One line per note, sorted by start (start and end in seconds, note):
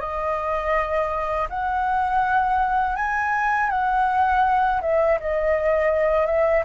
0.00 1.48 D#5
1.49 2.96 F#5
2.96 3.70 G#5
3.70 4.81 F#5
4.81 5.19 E5
5.21 6.26 D#5
6.26 6.63 E5